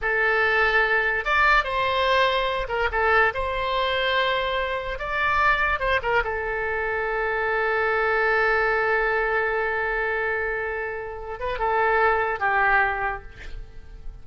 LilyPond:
\new Staff \with { instrumentName = "oboe" } { \time 4/4 \tempo 4 = 145 a'2. d''4 | c''2~ c''8 ais'8 a'4 | c''1 | d''2 c''8 ais'8 a'4~ |
a'1~ | a'1~ | a'2.~ a'8 b'8 | a'2 g'2 | }